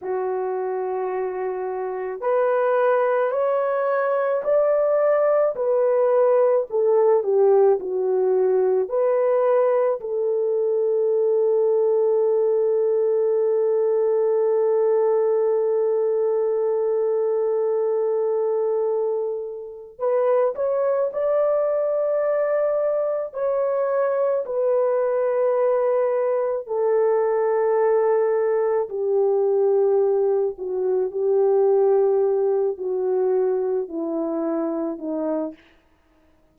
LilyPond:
\new Staff \with { instrumentName = "horn" } { \time 4/4 \tempo 4 = 54 fis'2 b'4 cis''4 | d''4 b'4 a'8 g'8 fis'4 | b'4 a'2.~ | a'1~ |
a'2 b'8 cis''8 d''4~ | d''4 cis''4 b'2 | a'2 g'4. fis'8 | g'4. fis'4 e'4 dis'8 | }